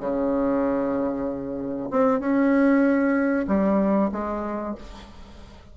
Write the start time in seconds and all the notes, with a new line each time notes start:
0.00 C#3
1.91 C4
2.20 C#4
3.47 G3
4.12 G#3